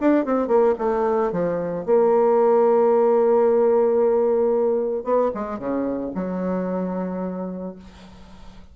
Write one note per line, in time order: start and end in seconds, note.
0.00 0.25 D4
0.25 0.47 C4
0.47 0.74 A#3
0.78 1.31 A3
1.32 1.85 F3
1.85 5.04 A#3
5.04 5.30 B3
5.34 5.59 G#3
5.59 6.12 C#3
6.15 7.75 F#3